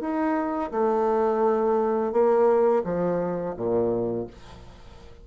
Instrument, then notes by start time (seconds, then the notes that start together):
bassoon
0.00 D#4
0.71 A3
2.12 A#3
2.84 F3
3.56 A#2